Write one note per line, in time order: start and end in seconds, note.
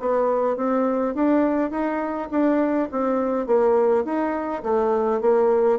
0.00 0.57 B3
0.57 1.15 C4
1.15 1.71 D4
1.71 2.29 D#4
2.31 2.89 D4
2.92 3.47 C4
3.47 4.05 A#3
4.05 4.63 D#4
4.63 5.21 A3
5.21 5.79 A#3